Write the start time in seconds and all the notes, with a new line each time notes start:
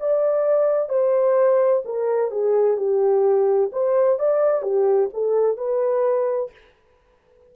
0.00 D5
0.89 C5
1.85 A#4
2.31 G#4
2.77 G4
3.72 C5
4.19 D5
4.63 G4
5.13 A4
5.57 B4